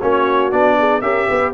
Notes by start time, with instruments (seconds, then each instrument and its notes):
0.00 tuba A#3, trombone C#4, horn F#4, trumpet C#5
0.51 tuba B3, trombone D4, trumpet D5
0.79 horn G#4
1.01 tuba C#4, trombone G4, horn A#4, trumpet E5
1.28 tuba B3, horn B4